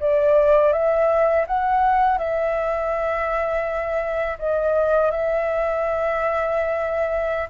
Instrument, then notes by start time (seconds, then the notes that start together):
flute
0.00 D5
0.73 E5
1.47 F#5
2.19 E5
4.39 D#5
5.12 E5